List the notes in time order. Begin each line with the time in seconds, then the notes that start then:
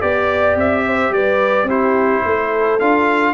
0.00 B3 G4 D5
0.55 C4 E5
0.86 C5
1.09 G3 B4 D5
1.63 C4 E4 G4
1.70 C5
2.25 A3 A4
2.79 D4 F4 F5